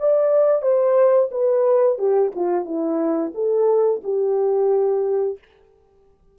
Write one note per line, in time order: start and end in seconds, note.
0.00 0.62 D5
0.62 1.30 C5
1.31 1.99 B4
1.99 2.33 G4
2.36 2.65 F4
2.65 3.33 E4
3.35 4.02 A4
4.04 5.39 G4